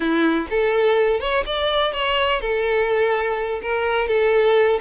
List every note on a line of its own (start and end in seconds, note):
0.00 0.47 E4
0.50 1.20 A4
1.20 1.44 C#5
1.45 1.92 D5
1.92 2.40 C#5
2.40 3.60 A4
3.62 4.07 A#4
4.07 4.79 A4